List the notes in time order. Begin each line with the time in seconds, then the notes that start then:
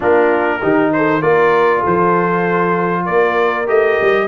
0.00 A#3 D4 F4 A#4
0.62 D#3 D#4 G4
0.92 A4 C5
1.21 A#3 F4 A#4 D5
1.79 A4
1.86 F3 C5
3.04 A#3 A#4 D5
3.66 A3 G4 D#5
4.01 G3